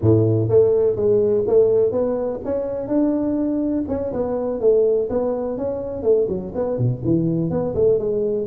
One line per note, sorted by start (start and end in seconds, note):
0.01 0.48 A2
0.48 0.96 A3
0.96 1.44 G#3
1.47 1.91 A3
1.91 2.40 B3
2.45 2.87 C#4
2.87 3.84 D4
3.88 4.12 C#4
4.13 4.60 B3
4.60 5.09 A3
5.09 5.57 B3
5.57 6.02 C#4
6.02 6.27 A3
6.28 6.52 F#3
6.54 6.78 B3
6.78 7.02 B2
7.04 7.50 E3
7.50 7.74 B3
7.74 7.98 A3
7.98 8.47 G#3